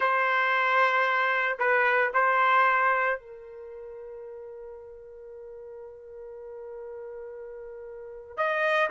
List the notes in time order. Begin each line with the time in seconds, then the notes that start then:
0.00 C5
1.58 B4
2.13 C5
3.19 A#4
8.36 D#5